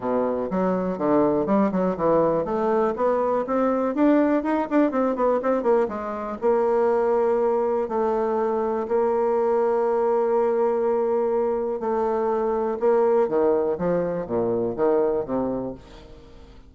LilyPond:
\new Staff \with { instrumentName = "bassoon" } { \time 4/4 \tempo 4 = 122 b,4 fis4 d4 g8 fis8 | e4 a4 b4 c'4 | d'4 dis'8 d'8 c'8 b8 c'8 ais8 | gis4 ais2. |
a2 ais2~ | ais1 | a2 ais4 dis4 | f4 ais,4 dis4 c4 | }